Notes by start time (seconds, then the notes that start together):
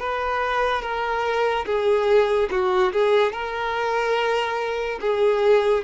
0.00 B4
0.82 A#4
1.66 G#4
2.51 F#4
2.93 G#4
3.33 A#4
5.01 G#4